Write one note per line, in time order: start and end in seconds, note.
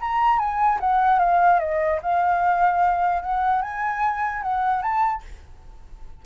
0.00 0.38 A#5
0.38 0.79 G#5
0.80 1.19 F#5
1.19 1.59 F5
1.59 2.00 D#5
2.02 3.22 F5
3.22 3.61 F#5
3.61 4.42 G#5
4.42 4.82 F#5
4.82 5.22 A5